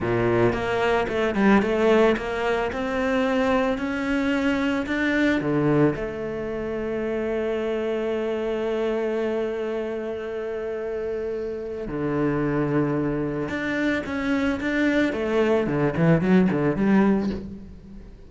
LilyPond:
\new Staff \with { instrumentName = "cello" } { \time 4/4 \tempo 4 = 111 ais,4 ais4 a8 g8 a4 | ais4 c'2 cis'4~ | cis'4 d'4 d4 a4~ | a1~ |
a1~ | a2 d2~ | d4 d'4 cis'4 d'4 | a4 d8 e8 fis8 d8 g4 | }